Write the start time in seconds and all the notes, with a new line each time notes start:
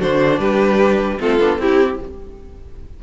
0.00 D3 D4 F#4 C5
0.39 G3 G4 B4
1.19 A3 C4 F4 A4
1.39 B3 D4
1.58 C4 E4 G4